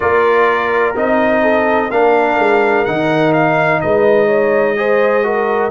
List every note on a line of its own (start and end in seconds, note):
0.00 0.95 A#3
0.00 0.94 F4
0.00 1.41 A#4
0.00 0.94 D5
0.95 1.90 C4
0.95 1.90 D#4
0.95 1.90 D#5
1.41 1.89 A4
1.90 2.38 A#3
1.90 2.86 D4
1.90 3.81 A#4
1.90 2.85 F5
2.38 2.86 G#3
2.85 3.82 D#3
2.85 4.76 D#4
2.85 3.32 F#5
3.33 3.80 F5
3.81 5.70 G#3
3.81 4.26 B4
3.81 5.70 D#5
4.26 4.74 C#5
4.76 5.23 G#4
4.76 5.25 C5
5.23 5.70 F#4
5.23 5.70 A#4